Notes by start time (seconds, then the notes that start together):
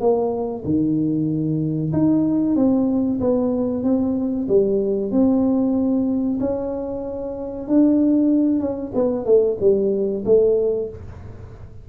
0.00 A#3
0.65 D#3
1.93 D#4
2.56 C4
3.20 B3
3.83 C4
4.48 G3
5.11 C4
6.40 C#4
7.68 D4
8.60 C#4
8.94 B3
9.26 A3
9.60 G3
10.25 A3